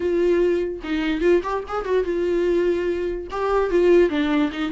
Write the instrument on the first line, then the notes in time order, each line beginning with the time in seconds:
viola
0.00 F4
0.83 D#4
1.20 F4
1.43 G4
1.68 G#4
1.84 F#4
2.04 F4
3.31 G4
3.70 F4
4.09 D4
4.51 D#4